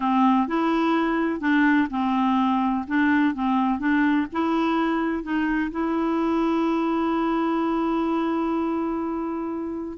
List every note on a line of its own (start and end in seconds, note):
0.00 0.47 C4
0.47 1.40 E4
1.40 1.87 D4
1.90 2.85 C4
2.87 3.34 D4
3.34 3.79 C4
3.79 4.26 D4
4.32 5.23 E4
5.23 5.70 D#4
5.71 9.98 E4